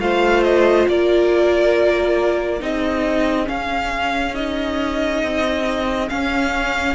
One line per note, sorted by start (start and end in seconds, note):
0.00 0.87 A3
0.00 2.60 F4
0.00 0.90 C5
0.00 0.44 F5
0.44 0.87 D#5
0.88 2.62 A#3
0.88 2.62 A#4
0.88 2.63 D5
2.60 3.49 C4
2.60 3.46 D#4
2.60 6.95 G#4
2.60 3.49 D#5
3.46 4.33 C#4
3.46 5.23 C#4
3.46 4.36 F5
4.35 6.09 D#4
4.35 6.09 D#5
5.23 6.10 C4
6.09 6.95 C#4
6.09 6.95 F5